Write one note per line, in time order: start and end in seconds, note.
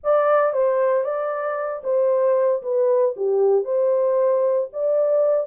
0.03 0.52 D5
0.52 1.03 C5
1.03 1.82 D5
1.83 2.61 C5
2.62 3.14 B4
3.16 3.64 G4
3.64 4.68 C5
4.72 5.47 D5